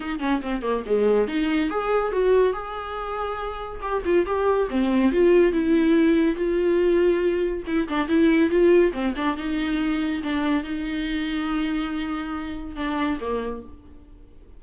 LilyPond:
\new Staff \with { instrumentName = "viola" } { \time 4/4 \tempo 4 = 141 dis'8 cis'8 c'8 ais8 gis4 dis'4 | gis'4 fis'4 gis'2~ | gis'4 g'8 f'8 g'4 c'4 | f'4 e'2 f'4~ |
f'2 e'8 d'8 e'4 | f'4 c'8 d'8 dis'2 | d'4 dis'2.~ | dis'2 d'4 ais4 | }